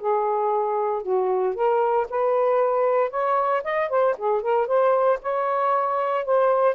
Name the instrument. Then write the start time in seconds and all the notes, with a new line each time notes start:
saxophone
0.00 G#4
1.03 F#4
1.55 A#4
2.10 B4
3.11 C#5
3.64 D#5
3.90 C5
4.18 G#4
4.42 A#4
4.67 C5
5.23 C#5
6.25 C5